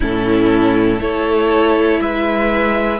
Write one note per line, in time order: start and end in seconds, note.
0.00 0.99 A2
0.00 0.98 C#4
0.00 0.99 E4
0.00 1.01 A4
0.98 1.99 A3
0.98 2.98 E4
0.98 2.00 A4
0.98 2.00 C#5
2.00 3.00 G#3
2.00 3.00 B4
2.00 3.00 E5